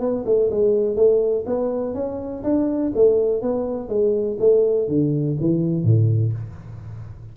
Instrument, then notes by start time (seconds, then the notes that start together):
tuba
0.00 B3
0.26 A3
0.51 G#3
0.96 A3
1.47 B3
1.94 C#4
2.44 D4
2.95 A3
3.42 B3
3.89 G#3
4.39 A3
4.88 D3
5.41 E3
5.84 A2